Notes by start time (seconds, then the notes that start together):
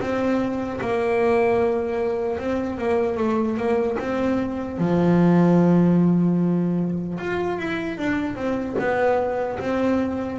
0.00 C4
0.81 A#3
2.39 C4
2.78 A#3
3.17 A3
3.57 A#3
3.99 C4
4.78 F3
7.18 F4
7.58 E4
7.97 D4
8.36 C4
8.79 B3
9.59 C4